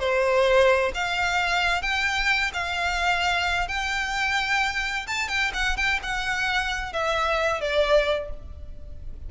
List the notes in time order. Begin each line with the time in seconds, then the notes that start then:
0.00 C5
0.95 F5
1.82 G5
2.54 F5
3.69 G5
5.08 A5
5.29 G5
5.54 F#5
5.77 G5
6.03 F#5
6.93 E5
7.61 D5